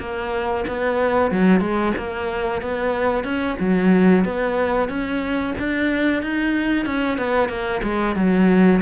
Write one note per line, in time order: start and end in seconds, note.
0.00 0.65 A#3
0.68 1.31 B3
1.31 1.61 F#3
1.61 1.93 G#3
1.98 2.62 A#3
2.62 3.24 B3
3.24 3.57 C#4
3.60 4.25 F#3
4.25 4.89 B3
4.89 5.54 C#4
5.59 6.23 D4
6.23 6.86 D#4
6.86 7.18 C#4
7.18 7.49 B3
7.49 7.81 A#3
7.83 8.16 G#3
8.16 8.81 F#3